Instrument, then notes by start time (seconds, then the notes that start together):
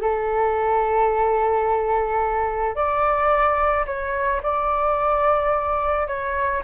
flute
0.00 A4
2.75 D5
3.86 C#5
4.42 D5
6.07 C#5